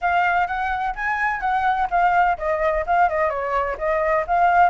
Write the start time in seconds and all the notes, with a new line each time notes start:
0.01 F5
0.47 F#5
0.95 G#5
1.40 F#5
1.90 F5
2.38 D#5
2.86 F5
3.09 D#5
3.29 C#5
3.78 D#5
4.27 F5